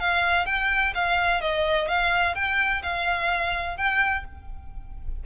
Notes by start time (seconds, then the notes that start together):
0.00 F5
0.46 G5
0.95 F5
1.41 D#5
1.88 F5
2.35 G5
2.83 F5
3.77 G5